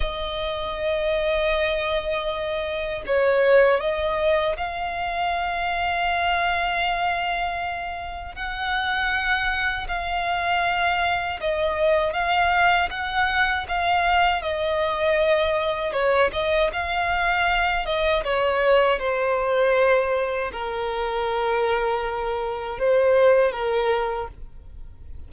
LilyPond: \new Staff \with { instrumentName = "violin" } { \time 4/4 \tempo 4 = 79 dis''1 | cis''4 dis''4 f''2~ | f''2. fis''4~ | fis''4 f''2 dis''4 |
f''4 fis''4 f''4 dis''4~ | dis''4 cis''8 dis''8 f''4. dis''8 | cis''4 c''2 ais'4~ | ais'2 c''4 ais'4 | }